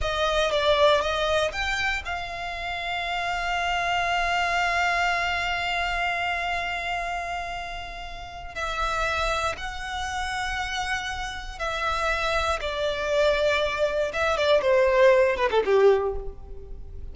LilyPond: \new Staff \with { instrumentName = "violin" } { \time 4/4 \tempo 4 = 119 dis''4 d''4 dis''4 g''4 | f''1~ | f''1~ | f''1~ |
f''4 e''2 fis''4~ | fis''2. e''4~ | e''4 d''2. | e''8 d''8 c''4. b'16 a'16 g'4 | }